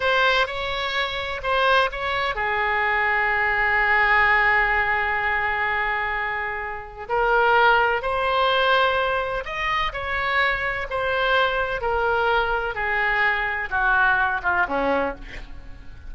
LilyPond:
\new Staff \with { instrumentName = "oboe" } { \time 4/4 \tempo 4 = 127 c''4 cis''2 c''4 | cis''4 gis'2.~ | gis'1~ | gis'2. ais'4~ |
ais'4 c''2. | dis''4 cis''2 c''4~ | c''4 ais'2 gis'4~ | gis'4 fis'4. f'8 cis'4 | }